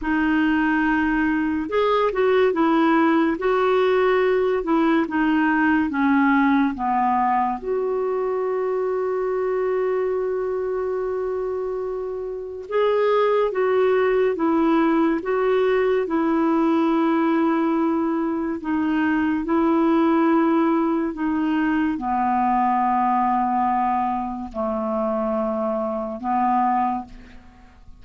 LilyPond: \new Staff \with { instrumentName = "clarinet" } { \time 4/4 \tempo 4 = 71 dis'2 gis'8 fis'8 e'4 | fis'4. e'8 dis'4 cis'4 | b4 fis'2.~ | fis'2. gis'4 |
fis'4 e'4 fis'4 e'4~ | e'2 dis'4 e'4~ | e'4 dis'4 b2~ | b4 a2 b4 | }